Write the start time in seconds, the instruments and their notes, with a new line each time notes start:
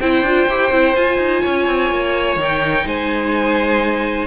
0.00 cello C4, viola E4, violin C5 G5
0.22 cello D4, viola F4
0.48 cello E4, viola G4
0.70 cello C4, viola E4
0.95 cello F4, viola F4, violin G#5
1.17 cello D#4
1.42 cello C#4, violin C#5
1.66 cello C4
1.90 cello A#3
2.36 cello D#3, viola D#4
2.42 violin G5
2.85 cello G#3, violin C5 G#5